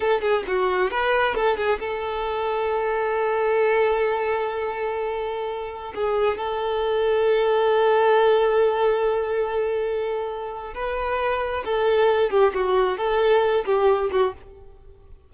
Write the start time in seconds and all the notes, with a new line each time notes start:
0.00 A4
0.21 G#4
0.47 F#4
0.90 B4
1.34 A4
1.57 G#4
1.79 A4
5.95 G#4
6.37 A4
10.74 B4
11.64 A4
12.30 G4
12.54 F#4
12.97 A4
13.65 G4
14.11 F#4